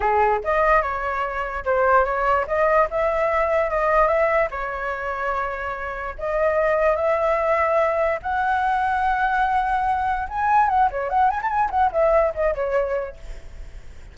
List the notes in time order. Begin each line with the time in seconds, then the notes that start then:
0.00 G#4
0.44 D#5
0.82 C#5
1.65 C5
2.04 C#5
2.47 D#5
2.90 E5
3.70 D#5
4.07 E5
4.50 C#5
6.18 D#5
6.96 E5
8.22 F#5
10.29 G#5
10.68 F#5
10.90 C#5
11.09 F#5
11.30 G#5
11.42 A5
11.49 G#5
11.70 F#5
11.92 E5
12.34 D#5
12.55 C#5